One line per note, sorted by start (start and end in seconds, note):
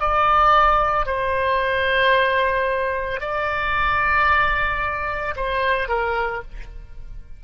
0.00 1.06 D5
1.06 3.20 C5
3.21 5.35 D5
5.36 5.89 C5
5.89 6.42 A#4